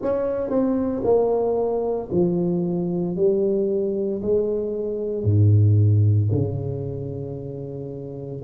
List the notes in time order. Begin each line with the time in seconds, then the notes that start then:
0.01 C#4
0.50 C4
1.03 A#3
2.11 F3
3.16 G3
4.22 G#3
5.23 G#2
6.31 C#3